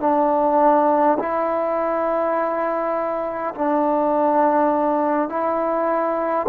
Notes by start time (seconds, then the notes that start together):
0.00 D4
1.19 E4
3.55 D4
5.29 E4